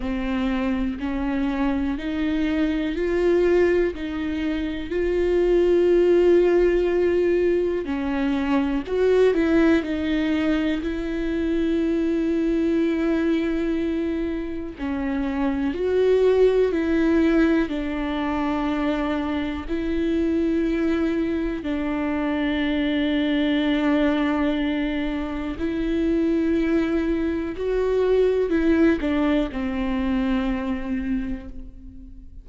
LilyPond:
\new Staff \with { instrumentName = "viola" } { \time 4/4 \tempo 4 = 61 c'4 cis'4 dis'4 f'4 | dis'4 f'2. | cis'4 fis'8 e'8 dis'4 e'4~ | e'2. cis'4 |
fis'4 e'4 d'2 | e'2 d'2~ | d'2 e'2 | fis'4 e'8 d'8 c'2 | }